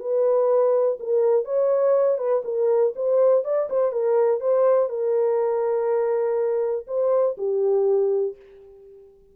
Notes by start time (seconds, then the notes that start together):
0.00 B4
1.00 A#4
1.45 C#5
2.18 B4
2.45 A#4
2.96 C5
3.45 D5
3.70 C5
3.93 A#4
4.41 C5
4.90 A#4
6.87 C5
7.38 G4